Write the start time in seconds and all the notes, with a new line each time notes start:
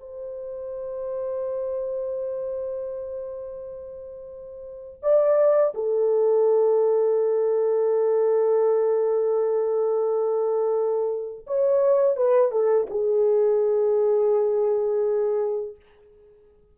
0.00 C5
5.02 D5
5.74 A4
11.47 C#5
12.16 B4
12.51 A4
12.90 G#4